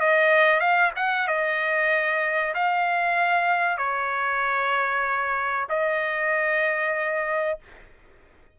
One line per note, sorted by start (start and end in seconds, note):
0.00 0.60 D#5
0.60 0.91 F5
0.96 1.27 F#5
1.27 2.54 D#5
2.54 3.78 F5
3.78 5.67 C#5
5.69 7.59 D#5